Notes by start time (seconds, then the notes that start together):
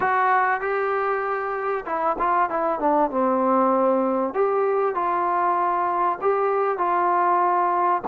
0.00 F#4
0.60 G4
1.85 E4
2.18 F4
2.49 E4
2.79 D4
3.10 C4
4.34 G4
4.95 F4
6.21 G4
6.78 F4